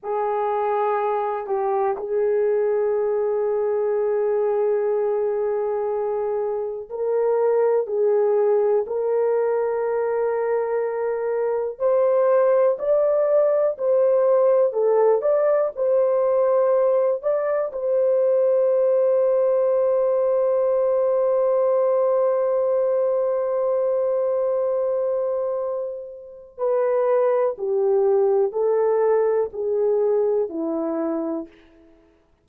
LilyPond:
\new Staff \with { instrumentName = "horn" } { \time 4/4 \tempo 4 = 61 gis'4. g'8 gis'2~ | gis'2. ais'4 | gis'4 ais'2. | c''4 d''4 c''4 a'8 d''8 |
c''4. d''8 c''2~ | c''1~ | c''2. b'4 | g'4 a'4 gis'4 e'4 | }